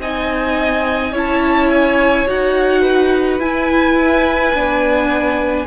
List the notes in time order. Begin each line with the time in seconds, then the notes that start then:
0.00 C4 D#4 D#5 G#5
1.13 C#4 E4 C#5 A5
1.71 G#5
2.27 D#4 F#4 F#5
2.82 B4
3.40 E4 G#5
4.54 B3 D4